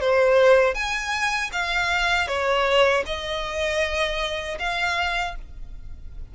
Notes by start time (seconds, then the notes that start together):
0.00 C5
0.74 G#5
1.52 F5
2.27 C#5
3.06 D#5
4.59 F5